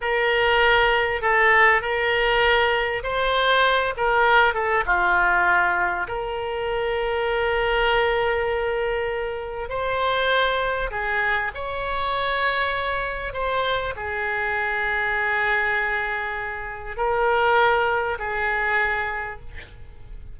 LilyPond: \new Staff \with { instrumentName = "oboe" } { \time 4/4 \tempo 4 = 99 ais'2 a'4 ais'4~ | ais'4 c''4. ais'4 a'8 | f'2 ais'2~ | ais'1 |
c''2 gis'4 cis''4~ | cis''2 c''4 gis'4~ | gis'1 | ais'2 gis'2 | }